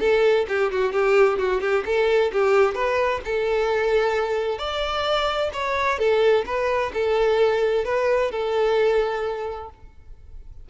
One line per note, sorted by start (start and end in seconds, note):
0.00 0.46 A4
0.49 0.72 G4
0.72 0.93 F#4
0.93 1.39 G4
1.39 1.61 F#4
1.61 1.84 G4
1.86 2.32 A4
2.33 2.75 G4
2.75 3.21 B4
3.25 4.58 A4
4.58 5.51 D5
5.53 5.99 C#5
5.99 6.45 A4
6.46 6.92 B4
6.94 7.85 A4
7.85 8.31 B4
8.31 9.70 A4